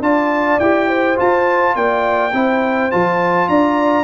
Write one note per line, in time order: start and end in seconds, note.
0.00 0.58 D4
0.00 0.60 F4
0.00 0.88 D5
0.00 0.60 A5
0.60 1.18 E4
0.60 1.16 G4
0.60 1.18 G5
0.88 1.75 C5
1.16 2.31 F4
1.16 1.76 F4
1.16 1.76 A5
1.76 2.33 A#3
1.76 2.34 D5
1.76 2.91 G5
2.33 2.91 C4
2.33 2.91 E4
2.33 3.49 C5
2.91 3.48 F3
2.91 4.04 F4
2.91 3.49 A5
3.48 4.04 D4
3.48 4.04 D5
3.48 4.04 A#5